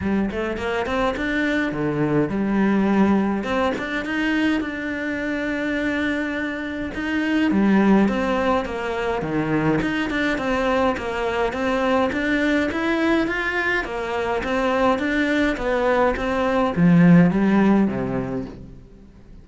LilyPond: \new Staff \with { instrumentName = "cello" } { \time 4/4 \tempo 4 = 104 g8 a8 ais8 c'8 d'4 d4 | g2 c'8 d'8 dis'4 | d'1 | dis'4 g4 c'4 ais4 |
dis4 dis'8 d'8 c'4 ais4 | c'4 d'4 e'4 f'4 | ais4 c'4 d'4 b4 | c'4 f4 g4 c4 | }